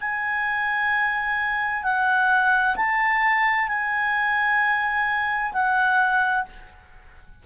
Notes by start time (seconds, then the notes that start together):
0.00 G#5
1.83 F#5
2.76 A5
3.68 G#5
5.53 F#5